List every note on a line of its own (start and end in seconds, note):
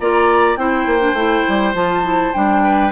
0.00 0.57 A#3
0.00 0.58 F4
0.00 0.59 D5
0.00 0.56 A#5
0.56 0.86 C4
0.56 1.00 E4
0.56 2.64 C5
0.56 1.74 G5
0.86 1.13 A#3
1.00 1.15 D4
1.13 1.43 A3
1.13 1.74 E4
1.48 1.74 G3
1.74 2.33 F3
1.74 2.03 F4
1.74 2.33 A5
2.03 2.33 E4
2.33 2.92 G3
2.33 2.92 D4
2.33 2.92 G5
2.64 2.92 B4